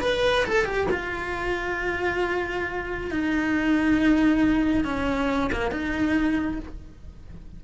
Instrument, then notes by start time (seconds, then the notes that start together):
cello
0.00 B4
0.45 A4
0.65 G4
0.90 F4
3.11 D#4
4.84 C#4
5.51 A#3
5.71 D#4